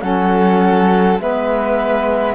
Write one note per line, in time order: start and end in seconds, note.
0.00 1.19 F#3
0.00 1.18 C#4
0.00 1.22 A4
0.00 1.18 F#5
1.19 2.34 G#3
1.19 2.34 B3
1.19 2.34 B4
1.19 2.34 E5